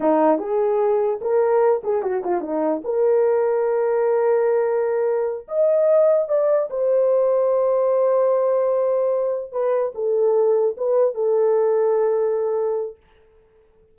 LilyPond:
\new Staff \with { instrumentName = "horn" } { \time 4/4 \tempo 4 = 148 dis'4 gis'2 ais'4~ | ais'8 gis'8 fis'8 f'8 dis'4 ais'4~ | ais'1~ | ais'4. dis''2 d''8~ |
d''8 c''2.~ c''8~ | c''2.~ c''8 b'8~ | b'8 a'2 b'4 a'8~ | a'1 | }